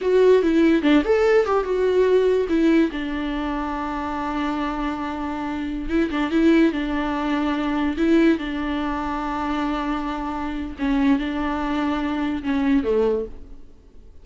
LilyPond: \new Staff \with { instrumentName = "viola" } { \time 4/4 \tempo 4 = 145 fis'4 e'4 d'8 a'4 g'8 | fis'2 e'4 d'4~ | d'1~ | d'2~ d'16 e'8 d'8 e'8.~ |
e'16 d'2. e'8.~ | e'16 d'2.~ d'8.~ | d'2 cis'4 d'4~ | d'2 cis'4 a4 | }